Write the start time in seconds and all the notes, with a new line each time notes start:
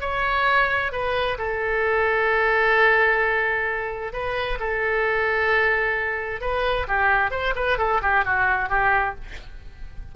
0.00 C#5
0.92 B4
1.38 A4
4.12 B4
4.59 A4
6.41 B4
6.87 G4
7.31 C5
7.55 B4
7.78 A4
8.02 G4
8.24 F#4
8.69 G4